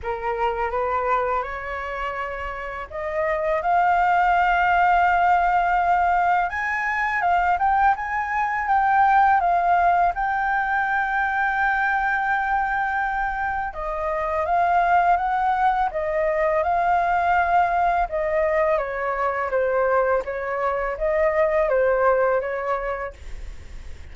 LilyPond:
\new Staff \with { instrumentName = "flute" } { \time 4/4 \tempo 4 = 83 ais'4 b'4 cis''2 | dis''4 f''2.~ | f''4 gis''4 f''8 g''8 gis''4 | g''4 f''4 g''2~ |
g''2. dis''4 | f''4 fis''4 dis''4 f''4~ | f''4 dis''4 cis''4 c''4 | cis''4 dis''4 c''4 cis''4 | }